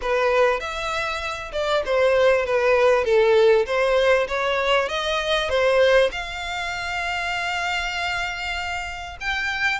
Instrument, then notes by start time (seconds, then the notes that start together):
violin
0.01 B4
0.60 E5
1.52 D5
1.85 C5
2.45 B4
3.04 A4
3.65 C5
4.27 C#5
4.88 D#5
5.49 C5
6.11 F5
9.20 G5